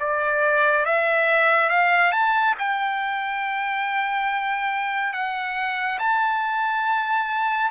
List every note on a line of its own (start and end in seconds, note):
0.00 0.86 D5
0.86 1.70 E5
1.70 2.12 F5
2.12 2.55 A5
2.59 5.14 G5
5.14 5.99 F#5
6.00 7.71 A5